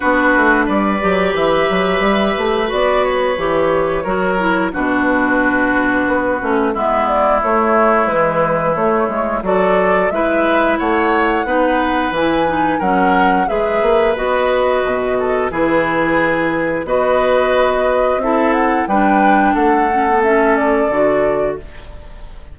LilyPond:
<<
  \new Staff \with { instrumentName = "flute" } { \time 4/4 \tempo 4 = 89 b'4 d''4 e''2 | d''8 cis''2~ cis''8 b'4~ | b'2 e''8 d''8 cis''4 | b'4 cis''4 d''4 e''4 |
fis''2 gis''4 fis''4 | e''4 dis''2 b'4~ | b'4 dis''2 e''8 fis''8 | g''4 fis''4 e''8 d''4. | }
  \new Staff \with { instrumentName = "oboe" } { \time 4/4 fis'4 b'2.~ | b'2 ais'4 fis'4~ | fis'2 e'2~ | e'2 a'4 b'4 |
cis''4 b'2 ais'4 | b'2~ b'8 a'8 gis'4~ | gis'4 b'2 a'4 | b'4 a'2. | }
  \new Staff \with { instrumentName = "clarinet" } { \time 4/4 d'4. g'2~ g'8 | fis'4 g'4 fis'8 e'8 d'4~ | d'4. cis'8 b4 a4 | e4 a4 fis'4 e'4~ |
e'4 dis'4 e'8 dis'8 cis'4 | gis'4 fis'2 e'4~ | e'4 fis'2 e'4 | d'4. cis'16 b16 cis'4 fis'4 | }
  \new Staff \with { instrumentName = "bassoon" } { \time 4/4 b8 a8 g8 fis8 e8 fis8 g8 a8 | b4 e4 fis4 b,4~ | b,4 b8 a8 gis4 a4 | gis4 a8 gis8 fis4 gis4 |
a4 b4 e4 fis4 | gis8 ais8 b4 b,4 e4~ | e4 b2 c'4 | g4 a2 d4 | }
>>